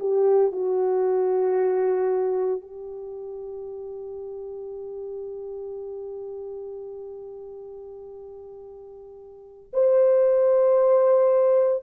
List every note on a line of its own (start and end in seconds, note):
0.00 0.52 G4
0.52 2.62 F#4
2.62 9.72 G4
9.74 11.84 C5